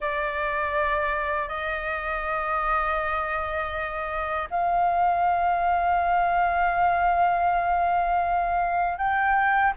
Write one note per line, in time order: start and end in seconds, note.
0.00 1.48 D5
1.48 4.48 D#5
4.50 8.98 F5
8.98 9.73 G5